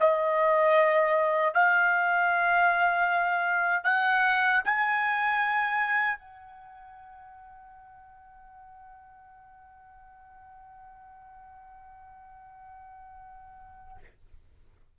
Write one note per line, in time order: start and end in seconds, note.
0.00 1.54 D#5
1.54 3.84 F5
3.84 4.62 F#5
4.65 6.18 G#5
6.18 13.98 F#5